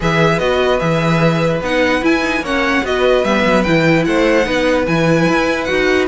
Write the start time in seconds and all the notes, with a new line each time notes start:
0.00 E3 G#4 B4 E5
0.39 B3 F#4 D#5
0.79 E3 G#4 E5
1.61 B3 D#4 F#5
2.01 E4 G#5
2.22 D#4
2.40 A#3 C#4 C#5 F#5
2.82 B3 F#4 B4 D#5
3.23 G3 B3 E5
3.45 F#3
3.63 E3 E4 G5
4.04 A3 C5 F#5
4.43 B3 D#4 B4
4.86 E3 E4 G#5
5.28 E4
5.64 D#4 F#4 F#5